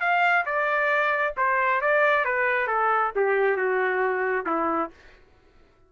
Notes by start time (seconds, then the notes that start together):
0.00 F5
0.45 D5
1.36 C5
1.81 D5
2.24 B4
2.67 A4
3.15 G4
3.56 F#4
4.46 E4